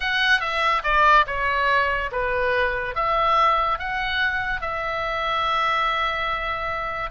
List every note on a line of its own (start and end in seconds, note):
0.00 0.40 F#5
0.40 0.82 E5
0.83 1.25 D5
1.26 2.10 C#5
2.11 2.95 B4
2.95 3.78 E5
3.78 4.61 F#5
4.61 7.10 E5